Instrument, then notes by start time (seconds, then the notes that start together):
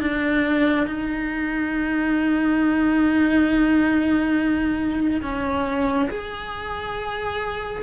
cello
0.00 D4
0.87 D#4
5.22 C#4
6.10 G#4